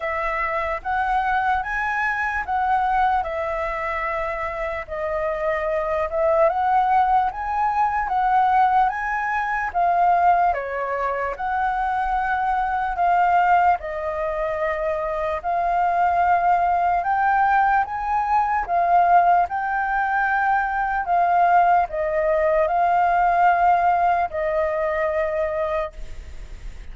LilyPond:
\new Staff \with { instrumentName = "flute" } { \time 4/4 \tempo 4 = 74 e''4 fis''4 gis''4 fis''4 | e''2 dis''4. e''8 | fis''4 gis''4 fis''4 gis''4 | f''4 cis''4 fis''2 |
f''4 dis''2 f''4~ | f''4 g''4 gis''4 f''4 | g''2 f''4 dis''4 | f''2 dis''2 | }